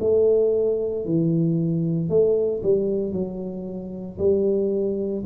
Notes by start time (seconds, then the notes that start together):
0.00 A3
1.05 E3
2.09 A3
2.63 G3
3.12 F#3
4.19 G3